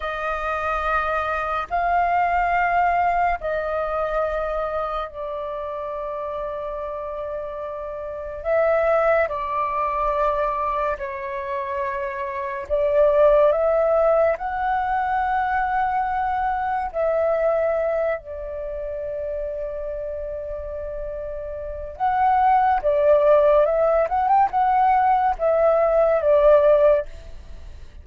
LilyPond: \new Staff \with { instrumentName = "flute" } { \time 4/4 \tempo 4 = 71 dis''2 f''2 | dis''2 d''2~ | d''2 e''4 d''4~ | d''4 cis''2 d''4 |
e''4 fis''2. | e''4. d''2~ d''8~ | d''2 fis''4 d''4 | e''8 fis''16 g''16 fis''4 e''4 d''4 | }